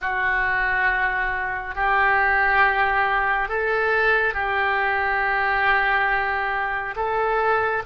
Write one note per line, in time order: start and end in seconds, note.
0.01 1.75 F#4
1.75 3.48 G4
3.48 4.34 A4
4.34 6.94 G4
6.96 7.83 A4